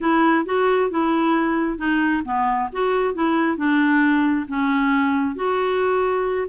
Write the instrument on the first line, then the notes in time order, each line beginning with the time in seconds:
clarinet
0.00 E4
0.45 F#4
0.90 E4
1.77 D#4
2.24 B3
2.72 F#4
3.14 E4
3.57 D4
4.48 C#4
5.35 F#4